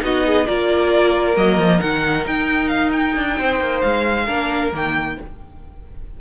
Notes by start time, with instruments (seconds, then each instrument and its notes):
0.00 cello B3, viola D#4, violin F#4 D#5
0.26 violin G#4
0.47 cello A#3, viola F4, violin A#4 D5
1.35 cello F#3, viola A#3, violin D#5
1.58 cello F3
1.79 cello D#3, viola D#4, violin F#5
2.27 cello D#4, violin G5
2.68 violin F5
2.92 violin G5
3.17 cello D4
3.38 cello C4, violin C5
3.60 cello A#3
3.81 cello G#3, violin F5
4.25 cello A#3, viola D4, violin A#4
4.73 cello D#3, viola A#3, violin G5